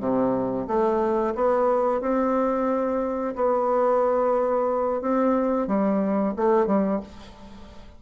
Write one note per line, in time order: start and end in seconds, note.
0.00 0.67 C3
0.68 1.34 A3
1.35 2.01 B3
2.01 3.35 C4
3.36 5.02 B3
5.02 5.68 C4
5.68 6.34 G3
6.36 6.67 A3
6.67 7.00 G3